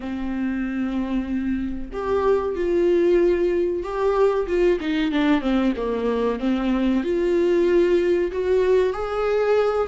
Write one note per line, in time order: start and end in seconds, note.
0.00 1.89 C4
1.92 2.55 G4
2.55 3.83 F4
3.83 4.47 G4
4.47 4.79 F4
4.80 5.11 D#4
5.11 5.41 D4
5.41 5.73 C4
5.76 6.39 A#3
6.39 7.03 C4
7.03 8.31 F4
8.31 8.93 F#4
8.93 9.87 G#4